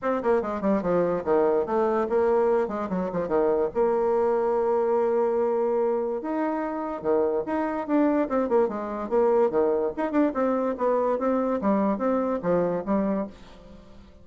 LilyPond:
\new Staff \with { instrumentName = "bassoon" } { \time 4/4 \tempo 4 = 145 c'8 ais8 gis8 g8 f4 dis4 | a4 ais4. gis8 fis8 f8 | dis4 ais2.~ | ais2. dis'4~ |
dis'4 dis4 dis'4 d'4 | c'8 ais8 gis4 ais4 dis4 | dis'8 d'8 c'4 b4 c'4 | g4 c'4 f4 g4 | }